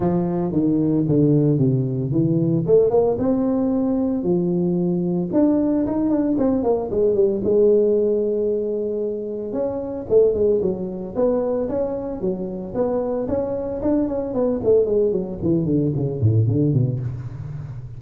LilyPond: \new Staff \with { instrumentName = "tuba" } { \time 4/4 \tempo 4 = 113 f4 dis4 d4 c4 | e4 a8 ais8 c'2 | f2 d'4 dis'8 d'8 | c'8 ais8 gis8 g8 gis2~ |
gis2 cis'4 a8 gis8 | fis4 b4 cis'4 fis4 | b4 cis'4 d'8 cis'8 b8 a8 | gis8 fis8 e8 d8 cis8 a,8 d8 b,8 | }